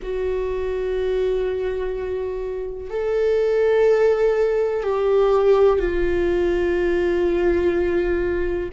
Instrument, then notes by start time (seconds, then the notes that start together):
viola
0.02 F#4
2.90 A4
4.83 G4
5.78 F4